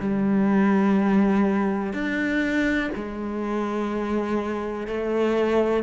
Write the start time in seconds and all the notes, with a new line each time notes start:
0.00 G3
1.94 D4
2.95 G#3
4.87 A3